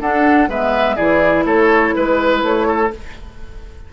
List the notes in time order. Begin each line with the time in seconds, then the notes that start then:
0.00 D4 A4 F#5
0.48 G#3 B3 B4 E5
0.96 E3 E4 G#4 D5
1.46 A3 A4 C#5
1.95 G#3 B4
2.43 A3 C#5
2.68 A4